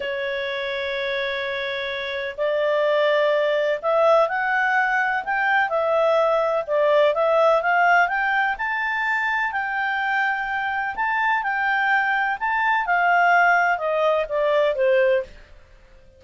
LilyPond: \new Staff \with { instrumentName = "clarinet" } { \time 4/4 \tempo 4 = 126 cis''1~ | cis''4 d''2. | e''4 fis''2 g''4 | e''2 d''4 e''4 |
f''4 g''4 a''2 | g''2. a''4 | g''2 a''4 f''4~ | f''4 dis''4 d''4 c''4 | }